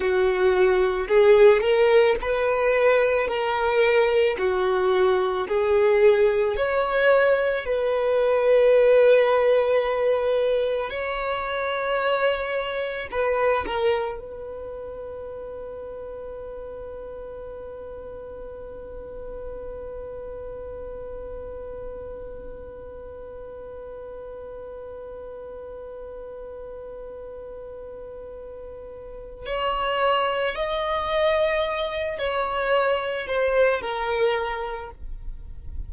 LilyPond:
\new Staff \with { instrumentName = "violin" } { \time 4/4 \tempo 4 = 55 fis'4 gis'8 ais'8 b'4 ais'4 | fis'4 gis'4 cis''4 b'4~ | b'2 cis''2 | b'8 ais'8 b'2.~ |
b'1~ | b'1~ | b'2. cis''4 | dis''4. cis''4 c''8 ais'4 | }